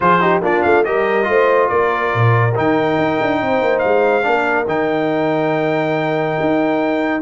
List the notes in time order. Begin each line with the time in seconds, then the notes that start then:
0.00 F3 F4 G#4 C5
0.20 D#4 G4
0.41 A#3 D4 F4 D5
0.62 A3 F5
0.84 G3 G4 A#4 D#5
1.23 A3 F4
1.29 C5
1.68 A#3 A#4 D5
2.14 A#2
2.55 D#3 D#4 G5
2.98 D#4
3.21 D4
3.41 C4 C5
3.61 A#3
3.78 G#3 F5
4.22 A#3 D4 A#4
4.67 D#3 D#4 G5
6.40 D#4